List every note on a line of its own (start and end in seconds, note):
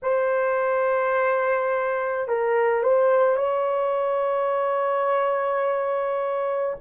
0.02 2.27 C5
2.27 2.83 A#4
2.83 3.36 C5
3.36 6.76 C#5